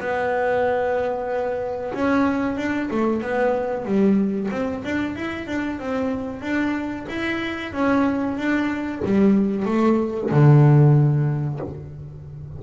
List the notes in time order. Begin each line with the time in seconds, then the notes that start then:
0.00 B3
1.94 C#4
2.57 D4
2.91 A3
3.22 B3
3.85 G3
4.51 C4
4.84 D4
5.16 E4
5.47 D4
5.79 C4
6.42 D4
7.09 E4
7.73 C#4
8.37 D4
9.05 G3
9.66 A3
10.31 D3